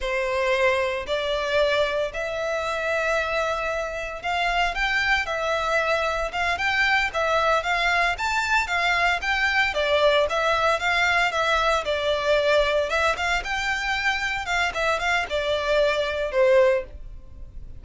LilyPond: \new Staff \with { instrumentName = "violin" } { \time 4/4 \tempo 4 = 114 c''2 d''2 | e''1 | f''4 g''4 e''2 | f''8 g''4 e''4 f''4 a''8~ |
a''8 f''4 g''4 d''4 e''8~ | e''8 f''4 e''4 d''4.~ | d''8 e''8 f''8 g''2 f''8 | e''8 f''8 d''2 c''4 | }